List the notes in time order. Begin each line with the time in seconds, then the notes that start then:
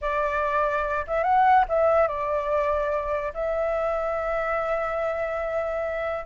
0.01 D5
1.07 E5
1.23 F#5
1.68 E5
2.07 D5
3.34 E5